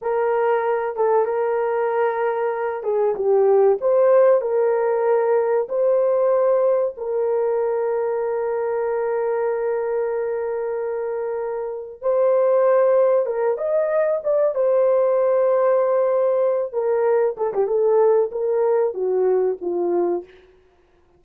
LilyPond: \new Staff \with { instrumentName = "horn" } { \time 4/4 \tempo 4 = 95 ais'4. a'8 ais'2~ | ais'8 gis'8 g'4 c''4 ais'4~ | ais'4 c''2 ais'4~ | ais'1~ |
ais'2. c''4~ | c''4 ais'8 dis''4 d''8 c''4~ | c''2~ c''8 ais'4 a'16 g'16 | a'4 ais'4 fis'4 f'4 | }